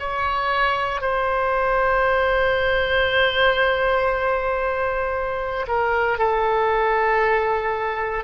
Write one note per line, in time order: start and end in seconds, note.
0.00 1.02 C#5
1.02 5.67 C5
5.68 6.19 A#4
6.19 8.25 A4